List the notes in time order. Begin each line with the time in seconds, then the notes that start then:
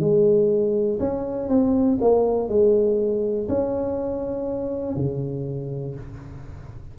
0.00 G#3
1.00 C#4
1.49 C4
2.01 A#3
2.49 G#3
3.49 C#4
4.96 C#3